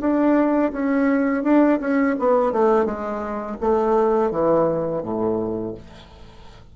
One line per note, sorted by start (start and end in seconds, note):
0.00 0.71 D4
0.72 1.43 C#4
1.43 1.79 D4
1.80 2.16 C#4
2.19 2.52 B3
2.52 2.85 A3
2.85 3.56 G#3
3.60 4.31 A3
4.31 5.02 E3
5.02 5.74 A2